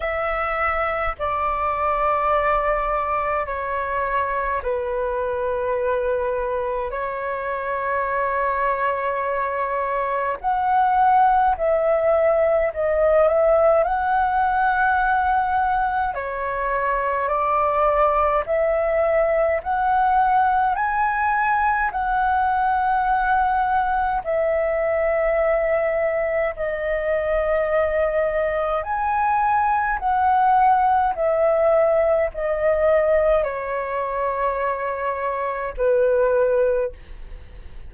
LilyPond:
\new Staff \with { instrumentName = "flute" } { \time 4/4 \tempo 4 = 52 e''4 d''2 cis''4 | b'2 cis''2~ | cis''4 fis''4 e''4 dis''8 e''8 | fis''2 cis''4 d''4 |
e''4 fis''4 gis''4 fis''4~ | fis''4 e''2 dis''4~ | dis''4 gis''4 fis''4 e''4 | dis''4 cis''2 b'4 | }